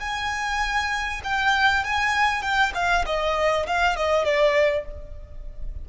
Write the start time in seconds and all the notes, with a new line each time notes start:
0.00 G#5
1.24 G5
1.84 G#5
2.42 G5
2.75 F5
3.06 D#5
3.67 F5
3.96 D#5
4.25 D5